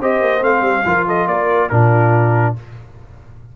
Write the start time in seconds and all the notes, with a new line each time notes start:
0.00 C4 G4 C5 D#5
0.21 A#3
0.41 A3 C4 F5
0.61 G3
0.85 F3 F4 A#4
1.07 A4 D#5
1.27 A#3 A#4 D5
1.69 A#2 D4 F4 A#4